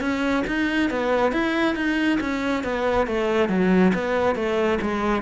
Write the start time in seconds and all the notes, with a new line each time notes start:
0.00 C#4
0.47 D#4
0.90 B3
1.32 E4
1.75 D#4
2.20 C#4
2.64 B3
3.07 A3
3.49 F#3
3.94 B3
4.35 A3
4.81 G#3